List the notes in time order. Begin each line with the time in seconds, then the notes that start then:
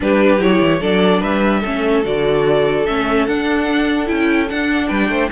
0.00 G3 D4 G4 B4
0.38 F#3 E4 C#5
0.61 E3
0.80 F#3 D4 A4 D5
1.20 G3 B4 E5
1.60 A3 C#4 A4
2.03 D3 F#4 D5
2.86 A3 C#4 E5
3.26 D4 F#5
4.06 C#4 E4 G5
4.49 D4 F#5
4.87 G3 B4 G5
5.09 A3 C5